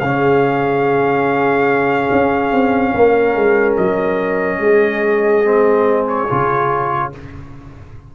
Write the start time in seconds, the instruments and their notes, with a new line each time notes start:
0.00 tuba C#3, trombone C#4, horn G#4, trumpet F5
2.12 tuba C#4
2.52 tuba C4
2.94 tuba A#3, horn A#4
3.35 tuba G#3
3.77 tuba F#3, trumpet D#5
4.59 tuba G#3, horn G#4
5.45 trombone C4
6.08 trumpet C#5
6.29 tuba C#3, trombone F4